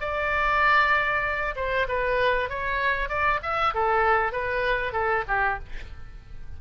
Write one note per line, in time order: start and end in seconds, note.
0.00 1.55 D5
1.56 1.87 C5
1.88 2.49 B4
2.49 3.09 C#5
3.09 3.40 D5
3.43 3.74 E5
3.74 4.32 A4
4.32 4.93 B4
4.93 5.24 A4
5.28 5.59 G4